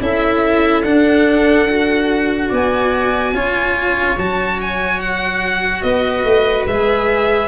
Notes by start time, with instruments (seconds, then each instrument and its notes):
0.00 tuba C#4, cello E4, viola A4, violin E5
0.83 tuba D4, cello D4, violin F#5
1.69 cello F#4
2.48 tuba B3, viola D5, violin G#5
3.33 tuba C#4, cello F4, viola C#5
4.17 tuba F#3, cello F#4, violin A5
4.61 violin G#5
5.00 violin F#5
5.82 tuba B3, viola B4, violin D#5
6.24 tuba A3
6.66 tuba G#3, cello G#4, violin E5